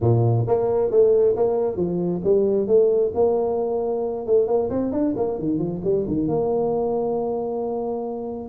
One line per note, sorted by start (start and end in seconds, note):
0.01 0.45 A#2
0.47 0.90 A#3
0.90 1.35 A3
1.36 1.76 A#3
1.76 2.21 F3
2.23 2.67 G3
2.67 3.12 A3
3.14 4.26 A#3
4.26 4.47 A3
4.47 4.69 A#3
4.70 4.92 C4
4.92 5.14 D4
5.16 5.38 A#3
5.39 5.58 D#3
5.58 5.81 F3
5.84 6.06 G3
6.07 6.28 D#3
6.28 8.49 A#3